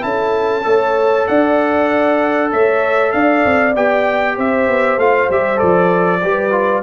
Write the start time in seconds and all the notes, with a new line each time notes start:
0.00 C#4 E4 A4 A5
0.63 A3 A4 C#5
1.27 D4 D5 F#5
2.52 A3 C#5 E5
3.12 D4 D5 F5
3.45 C4
3.76 B3 G4 G5
4.36 C4 C5 E5
4.68 B3
4.97 A3 F4 F5
5.30 G3 G4 E5
5.56 F3 A4 D5
6.22 G3 G4 B4
6.51 F4